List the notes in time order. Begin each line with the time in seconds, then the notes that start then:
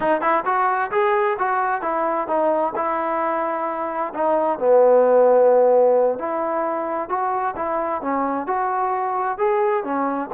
0.00 D#4
0.21 E4
0.45 F#4
0.91 G#4
1.38 F#4
1.81 E4
2.27 D#4
2.75 E4
4.13 D#4
4.58 B3
6.18 E4
7.09 F#4
7.56 E4
8.01 C#4
8.46 F#4
9.38 G#4
9.83 C#4